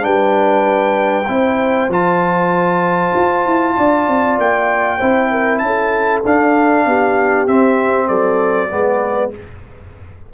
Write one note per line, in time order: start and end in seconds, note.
0.00 1.28 G3
0.00 1.24 D4
0.00 1.27 B4
0.00 1.90 G5
1.28 1.88 C4
1.28 1.90 E4
1.28 3.76 C5
1.88 3.12 F3
1.88 5.00 F4
1.88 4.39 A5
3.15 3.46 F4
3.46 3.77 E4
3.76 4.08 D4
3.76 4.98 D5
4.08 4.38 C4
4.38 5.00 A#3
4.38 5.58 G5
4.98 5.62 C4
4.98 6.23 E4
4.98 5.29 C5
5.31 5.62 A#4
5.58 6.23 C#4
5.58 6.20 A5
5.66 6.87 A4
6.25 6.86 D4
6.25 7.48 D4
6.25 7.47 F5
6.86 7.47 B3
6.86 8.08 G4
7.47 8.09 C4
7.47 8.69 C4
7.47 8.08 E5
8.08 8.71 F#3
8.08 8.69 A4
8.08 9.31 D5
8.69 9.34 G#3
8.69 9.31 B3
8.69 9.32 B4